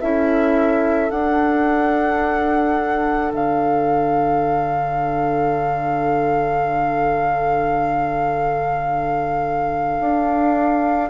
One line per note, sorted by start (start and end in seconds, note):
0.00 1.11 C#4
0.00 1.11 E4
0.00 11.10 A4
0.00 1.10 E5
1.10 11.10 D4
1.10 3.32 D4
1.10 3.32 F#5
3.32 9.99 D3
3.32 11.10 F5
10.00 11.10 D4